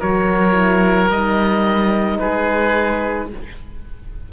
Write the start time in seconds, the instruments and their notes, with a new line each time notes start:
0.00 cello F#3, horn F#4, oboe A#4 C#5
0.53 horn E4
1.10 cello G3, horn D#4, oboe D#5
2.19 cello G#3, oboe G#4 B4